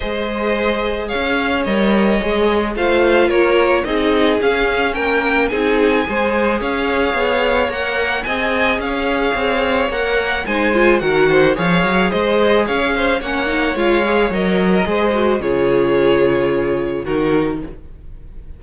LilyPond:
<<
  \new Staff \with { instrumentName = "violin" } { \time 4/4 \tempo 4 = 109 dis''2 f''4 dis''4~ | dis''4 f''4 cis''4 dis''4 | f''4 g''4 gis''2 | f''2 fis''4 gis''4 |
f''2 fis''4 gis''4 | fis''4 f''4 dis''4 f''4 | fis''4 f''4 dis''2 | cis''2. ais'4 | }
  \new Staff \with { instrumentName = "violin" } { \time 4/4 c''2 cis''2~ | cis''4 c''4 ais'4 gis'4~ | gis'4 ais'4 gis'4 c''4 | cis''2. dis''4 |
cis''2. c''4 | ais'8 c''8 cis''4 c''4 cis''8 c''8 | cis''2~ cis''8. ais'16 c''4 | gis'2. fis'4 | }
  \new Staff \with { instrumentName = "viola" } { \time 4/4 gis'2. ais'4 | gis'4 f'2 dis'4 | cis'2 dis'4 gis'4~ | gis'2 ais'4 gis'4~ |
gis'2 ais'4 dis'8 f'8 | fis'4 gis'2. | cis'8 dis'8 f'8 gis'8 ais'4 gis'8 fis'8 | f'2. dis'4 | }
  \new Staff \with { instrumentName = "cello" } { \time 4/4 gis2 cis'4 g4 | gis4 a4 ais4 c'4 | cis'4 ais4 c'4 gis4 | cis'4 b4 ais4 c'4 |
cis'4 c'4 ais4 gis4 | dis4 f8 fis8 gis4 cis'4 | ais4 gis4 fis4 gis4 | cis2. dis4 | }
>>